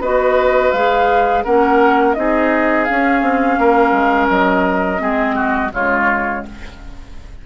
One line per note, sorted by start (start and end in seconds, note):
0.00 0.71 B3
0.00 0.74 F#4
0.00 1.43 B4
0.00 0.71 D#5
0.71 1.44 G#3
0.71 1.45 G#4
0.71 1.43 F5
1.43 2.17 A#3
1.43 2.15 C#4
1.43 2.15 A#4
1.43 2.14 F#5
2.14 2.88 C4
2.14 2.87 D#4
2.14 3.59 G#4
2.14 2.84 D#5
2.84 4.98 C#4
2.84 3.21 C#4
2.84 4.27 F5
3.21 3.57 C4
3.57 3.91 A#3
3.57 5.01 A#4
3.91 4.27 G#3
4.29 5.00 F#3
4.29 5.72 D#5
4.98 5.72 G#3
4.98 5.69 C4
4.98 5.35 G#4
5.35 5.71 F#4
5.73 6.44 C#3
5.73 6.46 G#3
5.73 6.44 F4
5.73 6.45 C#5